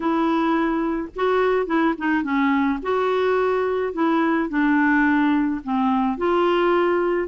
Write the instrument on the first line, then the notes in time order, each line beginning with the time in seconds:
clarinet
0.00 E4
1.15 F#4
1.66 E4
1.98 D#4
2.23 C#4
2.82 F#4
3.93 E4
4.49 D4
5.64 C4
6.17 F4